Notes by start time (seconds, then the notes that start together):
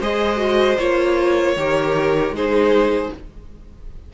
0.00 G#3 G#4 C5 D#5
0.37 F#4
0.79 A#3 F4 C#5
1.56 D#3 G4 A#4
2.31 G#3 D#4 G#4 C5